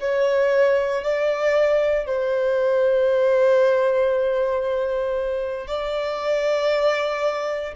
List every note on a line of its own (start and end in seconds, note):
0.00 1.03 C#5
1.03 2.06 D5
2.06 5.67 C5
5.67 7.74 D5